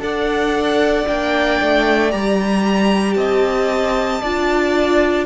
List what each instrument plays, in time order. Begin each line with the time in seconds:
0.00 cello D4, viola A4, violin D5 F#5
1.07 cello A#3, viola D4, violin G5
1.61 cello A3
2.11 cello G3, viola G4, violin A#5
3.14 cello C4, violin D#5 A5
4.21 cello D4, viola F4, violin D5